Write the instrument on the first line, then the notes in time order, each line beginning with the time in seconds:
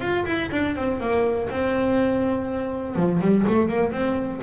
double bass
0.00 F4
0.25 E4
0.51 D4
0.76 C4
1.00 A#3
1.50 C4
2.96 F3
3.21 G3
3.47 A3
3.68 A#3
3.91 C4